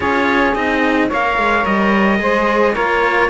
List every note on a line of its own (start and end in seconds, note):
0.00 0.55 C#4
0.00 0.53 F4
0.00 1.08 G#4
0.00 0.54 C#5
0.54 1.10 C4
0.54 1.10 D#4
0.54 1.09 D#5
1.08 1.37 A#3
1.08 2.19 A#4
1.08 2.18 C#5
1.08 1.65 F5
1.37 1.65 G#3
1.65 2.20 G3
1.65 2.75 D#5
2.19 2.75 G#3
2.19 2.74 G#4
2.19 2.74 C5
2.74 3.29 A#3
2.74 3.29 F4
2.74 3.29 A#4
2.74 3.29 C#5